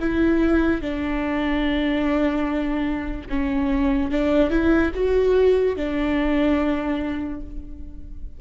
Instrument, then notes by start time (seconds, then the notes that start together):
viola
0.00 E4
0.81 D4
3.30 C#4
4.11 D4
4.50 E4
4.95 F#4
5.76 D4